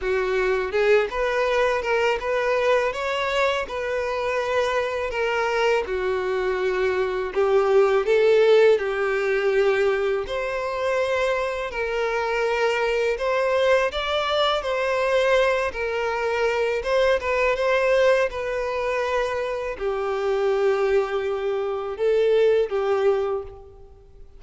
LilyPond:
\new Staff \with { instrumentName = "violin" } { \time 4/4 \tempo 4 = 82 fis'4 gis'8 b'4 ais'8 b'4 | cis''4 b'2 ais'4 | fis'2 g'4 a'4 | g'2 c''2 |
ais'2 c''4 d''4 | c''4. ais'4. c''8 b'8 | c''4 b'2 g'4~ | g'2 a'4 g'4 | }